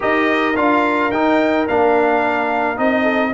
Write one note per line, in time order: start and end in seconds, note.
0.00 0.56 D#4
0.00 0.54 G4
0.00 3.02 A#4
0.00 0.56 D#5
0.56 1.12 D4
0.56 1.11 F4
0.56 1.11 F5
1.11 1.67 D#4
1.11 1.68 D#4
1.11 1.66 G5
1.68 2.78 A#3
1.68 2.76 D4
1.68 2.78 F5
2.76 3.33 C4
2.76 3.32 D#4
2.76 3.33 D#5
3.02 3.30 A4